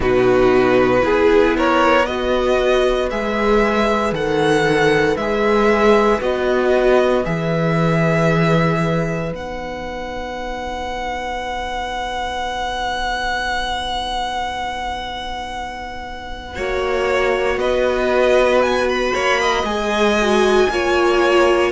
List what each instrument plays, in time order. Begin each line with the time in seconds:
0.00 cello B2, viola D#4, violin F#4 B4
1.00 cello B3, viola E4, violin G#4
1.57 violin A#4 C#5
2.05 viola F#4, violin B4 D#5
3.10 cello G#3, viola G#4, violin E5
4.12 cello D#3, viola A4, violin F#5
5.16 cello G#3, viola G#4, violin E5
6.20 cello B3, viola F#4, violin D#5
7.24 cello E3, viola G#4, violin E5
9.29 cello B3, viola D#4, violin F#5
16.55 cello A#3, viola F#4, violin C#5
17.57 cello B3, violin B4 D#5
18.62 violin G#5
18.89 violin B5
19.14 cello A#3, violin C#5
19.40 violin D#5
19.63 cello G#3, viola G#4, violin G#5
20.21 viola F#4
20.69 cello A#3, viola F4, violin C#5